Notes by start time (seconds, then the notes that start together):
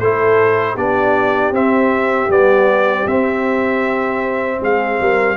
0.00 A3 E4 A4 C5
0.74 B3 D4 G4 D5
1.52 C4 E5
2.29 G3 B3 D5
3.06 C4 E5
4.62 G#3 G#4 F5
5.00 G3 A#4